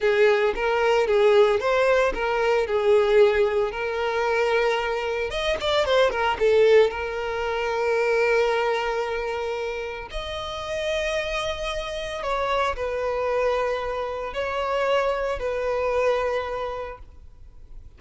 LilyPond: \new Staff \with { instrumentName = "violin" } { \time 4/4 \tempo 4 = 113 gis'4 ais'4 gis'4 c''4 | ais'4 gis'2 ais'4~ | ais'2 dis''8 d''8 c''8 ais'8 | a'4 ais'2.~ |
ais'2. dis''4~ | dis''2. cis''4 | b'2. cis''4~ | cis''4 b'2. | }